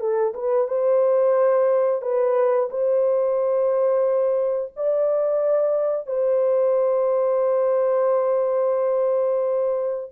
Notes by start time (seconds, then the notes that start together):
0.00 A4
0.34 B4
0.68 C5
2.02 B4
2.71 C5
4.77 D5
6.07 C5